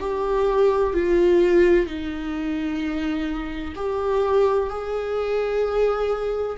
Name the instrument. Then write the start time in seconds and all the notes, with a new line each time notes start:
viola
0.00 G4
0.94 F4
1.87 D#4
3.76 G4
4.70 G#4